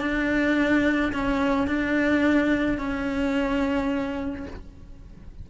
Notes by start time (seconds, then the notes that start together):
0.00 D4
1.12 C#4
1.67 D4
2.78 C#4